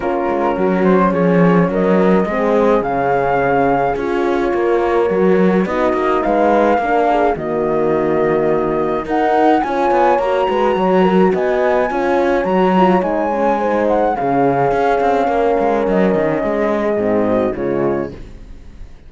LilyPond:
<<
  \new Staff \with { instrumentName = "flute" } { \time 4/4 \tempo 4 = 106 ais'4. c''8 cis''4 dis''4~ | dis''4 f''2 cis''4~ | cis''2 dis''4 f''4~ | f''4 dis''2. |
fis''4 gis''4 ais''2 | gis''2 ais''4 gis''4~ | gis''8 fis''8 f''2. | dis''2. cis''4 | }
  \new Staff \with { instrumentName = "horn" } { \time 4/4 f'4 fis'4 gis'4 ais'4 | gis'1 | ais'2 fis'4 b'4 | ais'8 gis'8 fis'2. |
ais'4 cis''4. b'8 cis''8 ais'8 | dis''4 cis''2. | c''4 gis'2 ais'4~ | ais'4 gis'4. fis'8 f'4 | }
  \new Staff \with { instrumentName = "horn" } { \time 4/4 cis'1 | c'4 cis'2 f'4~ | f'4 fis'4 dis'2 | d'4 ais2. |
dis'4 f'4 fis'2~ | fis'4 f'4 fis'8 f'8 dis'8 cis'8 | dis'4 cis'2.~ | cis'2 c'4 gis4 | }
  \new Staff \with { instrumentName = "cello" } { \time 4/4 ais8 gis8 fis4 f4 fis4 | gis4 cis2 cis'4 | ais4 fis4 b8 ais8 gis4 | ais4 dis2. |
dis'4 cis'8 b8 ais8 gis8 fis4 | b4 cis'4 fis4 gis4~ | gis4 cis4 cis'8 c'8 ais8 gis8 | fis8 dis8 gis4 gis,4 cis4 | }
>>